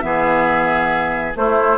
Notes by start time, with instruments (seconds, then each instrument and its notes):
0.00 bassoon E3, clarinet B3, oboe G#4, flute E5
1.35 bassoon A3, clarinet A3, oboe E4, flute C5